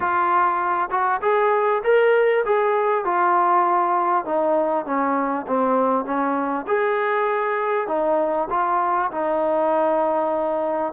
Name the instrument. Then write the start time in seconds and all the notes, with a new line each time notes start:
trombone
0.00 F4
0.90 F#4
1.21 G#4
1.83 A#4
2.45 G#4
3.04 F4
4.25 D#4
4.85 C#4
5.47 C4
6.05 C#4
6.67 G#4
7.87 D#4
8.50 F4
9.11 D#4